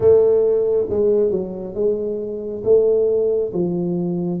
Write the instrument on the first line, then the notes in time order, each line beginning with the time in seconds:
tuba
0.00 A3
0.89 G#3
1.30 F#3
1.74 G#3
2.64 A3
3.53 F3